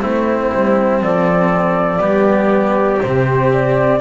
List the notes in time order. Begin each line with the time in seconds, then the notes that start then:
0.00 A3 C4 E4 C5
0.54 G3
1.01 F3 A4 D5
1.98 G3 B3 G4
3.02 C3 C4 C5
3.53 D5